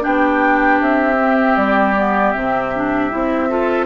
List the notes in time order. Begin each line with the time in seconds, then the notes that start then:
0.00 B3 D4 G4 G5
0.80 C4 E5
1.19 C4
1.56 G3 D5
1.96 B3
2.31 C3 C4 E5
2.75 D4
3.10 C4 E4
3.49 F4 A4